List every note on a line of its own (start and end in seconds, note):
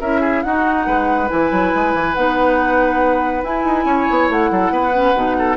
0.00 0.43 C#4
0.00 0.46 E4
0.00 0.21 A#4
0.00 0.43 E5
0.21 0.42 G#4
0.43 0.86 D#4
0.43 1.28 D#4
0.43 0.86 F#4
0.43 1.28 F#5
0.86 1.29 G#3
0.86 3.86 B4
1.28 1.51 E3
1.28 2.13 E4
1.28 2.14 G#5
1.51 1.72 F#3
1.75 1.94 G#3
1.94 2.15 E3
2.14 3.43 B3
2.14 3.43 D#4
2.14 3.42 F#5
3.43 3.64 E4
3.43 4.92 E4
3.43 4.30 G#5
3.64 3.85 D#4
3.85 4.06 C#4
3.85 4.50 C#5
4.10 4.29 B3
4.29 4.50 A3
4.29 5.57 F#5
4.50 4.70 F#3
4.50 4.72 A4
4.70 5.13 B3
4.70 5.36 B4
4.92 5.14 C#4
5.14 5.57 B2
5.14 5.57 D#4
5.38 5.57 A4